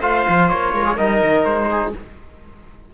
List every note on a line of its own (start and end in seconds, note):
0.00 0.26 A3
0.00 0.97 F4
0.00 0.72 C5
0.00 0.49 F5
0.29 0.52 F3
0.49 0.73 A#3
0.49 0.97 C#5
0.73 0.97 G#3
0.73 0.85 A#4
0.85 0.96 G#4
0.96 1.22 G3
0.96 1.94 D#4
0.96 1.68 A#4
0.96 1.45 D#5
1.23 1.45 D#3
1.45 1.93 G#3
1.45 1.93 C5
1.70 1.94 G#4